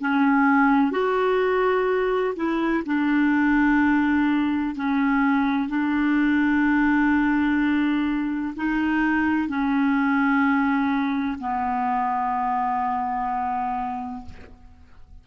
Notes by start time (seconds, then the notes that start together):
0.00 C#4
0.91 F#4
2.35 E4
2.86 D4
4.75 C#4
5.68 D4
8.56 D#4
9.48 C#4
11.39 B3